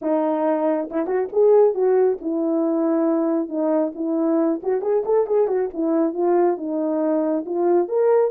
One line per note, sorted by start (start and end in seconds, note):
0.01 0.89 D#4
0.90 1.06 E4
1.06 1.28 F#4
1.32 1.74 G#4
1.74 2.18 F#4
2.21 3.48 E4
3.48 3.92 D#4
3.95 4.60 E4
4.62 4.81 F#4
4.81 5.03 G#4
5.05 5.26 A4
5.26 5.47 G#4
5.47 5.69 F#4
5.73 6.13 E4
6.13 6.57 F4
6.57 7.45 D#4
7.45 7.88 F4
7.88 8.31 A#4